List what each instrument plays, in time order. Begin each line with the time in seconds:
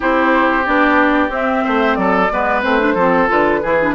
0.00 bassoon C4, clarinet E4, oboe G4, flute C5
0.65 bassoon B3, clarinet D4, flute D5
1.29 clarinet C4, bassoon C4, flute E5
1.64 bassoon A3, oboe C5
1.94 bassoon F#3, oboe A4, flute D5
2.31 bassoon G#3, clarinet B3, oboe B4
2.62 bassoon A3, clarinet C4, flute C5
2.79 clarinet D4
2.94 bassoon F3, clarinet C4, oboe A4
3.28 bassoon D3, clarinet F4, flute B4
3.62 bassoon E3, clarinet E4, oboe G#4
3.80 clarinet D4